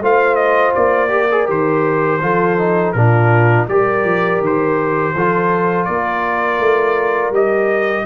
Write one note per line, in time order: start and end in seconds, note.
0.00 0.73 A3
0.00 1.08 F4
0.00 1.11 C5
0.00 0.35 F5
0.35 0.71 D#5
0.75 1.48 A#3
0.75 1.48 D5
1.08 1.27 G4
1.08 2.21 A#4
1.31 1.46 G#4
1.46 2.21 D#3
1.46 2.19 G4
1.46 2.92 C5
2.21 2.94 F3
2.21 2.58 F4
2.21 2.95 A4
2.58 2.95 D#4
2.92 3.67 A#2
2.92 3.68 D4
2.92 3.68 F4
2.92 3.65 A#4
3.68 4.04 G3
3.68 5.15 G4
3.68 5.15 A#4
3.68 4.41 D5
4.04 4.40 F3
4.40 5.13 D#3
4.40 5.85 C5
5.15 5.87 F3
5.15 7.33 F4
5.15 5.88 A4
5.85 6.59 A#3
5.85 8.05 A#4
5.85 7.31 D5
6.59 7.30 A3
7.30 8.03 G3
7.30 8.05 G4
7.30 8.05 D#5